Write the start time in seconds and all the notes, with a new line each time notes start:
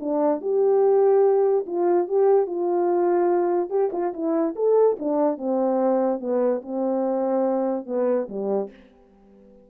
0.00 D4
0.41 G4
1.66 F4
2.08 G4
2.46 F4
3.70 G4
3.92 F4
4.13 E4
4.56 A4
4.99 D4
5.37 C4
6.20 B3
6.62 C4
7.86 B3
8.29 G3